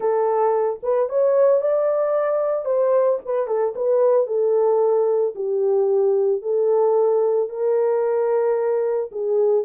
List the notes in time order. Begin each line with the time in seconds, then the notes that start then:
0.00 A4
0.83 B4
1.09 C#5
1.61 D5
2.65 C5
3.25 B4
3.47 A4
3.75 B4
4.26 A4
5.35 G4
6.42 A4
7.49 A#4
9.11 G#4